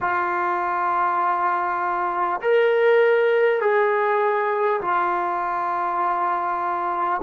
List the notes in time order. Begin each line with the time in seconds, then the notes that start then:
0.00 F4
2.41 A#4
3.60 G#4
4.81 F4